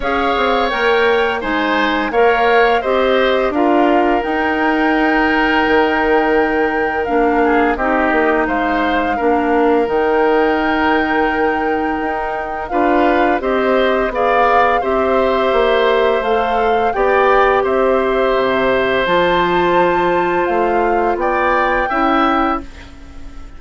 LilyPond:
<<
  \new Staff \with { instrumentName = "flute" } { \time 4/4 \tempo 4 = 85 f''4 g''4 gis''4 f''4 | dis''4 f''4 g''2~ | g''2 f''4 dis''4 | f''2 g''2~ |
g''2 f''4 dis''4 | f''4 e''2 f''4 | g''4 e''2 a''4~ | a''4 f''4 g''2 | }
  \new Staff \with { instrumentName = "oboe" } { \time 4/4 cis''2 c''4 cis''4 | c''4 ais'2.~ | ais'2~ ais'8 gis'8 g'4 | c''4 ais'2.~ |
ais'2 b'4 c''4 | d''4 c''2. | d''4 c''2.~ | c''2 d''4 e''4 | }
  \new Staff \with { instrumentName = "clarinet" } { \time 4/4 gis'4 ais'4 dis'4 ais'4 | g'4 f'4 dis'2~ | dis'2 d'4 dis'4~ | dis'4 d'4 dis'2~ |
dis'2 f'4 g'4 | gis'4 g'2 a'4 | g'2. f'4~ | f'2. e'4 | }
  \new Staff \with { instrumentName = "bassoon" } { \time 4/4 cis'8 c'8 ais4 gis4 ais4 | c'4 d'4 dis'2 | dis2 ais4 c'8 ais8 | gis4 ais4 dis2~ |
dis4 dis'4 d'4 c'4 | b4 c'4 ais4 a4 | b4 c'4 c4 f4~ | f4 a4 b4 cis'4 | }
>>